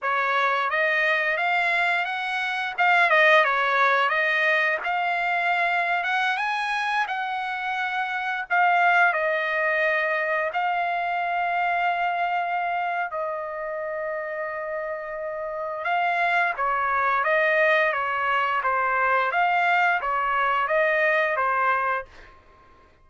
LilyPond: \new Staff \with { instrumentName = "trumpet" } { \time 4/4 \tempo 4 = 87 cis''4 dis''4 f''4 fis''4 | f''8 dis''8 cis''4 dis''4 f''4~ | f''8. fis''8 gis''4 fis''4.~ fis''16~ | fis''16 f''4 dis''2 f''8.~ |
f''2. dis''4~ | dis''2. f''4 | cis''4 dis''4 cis''4 c''4 | f''4 cis''4 dis''4 c''4 | }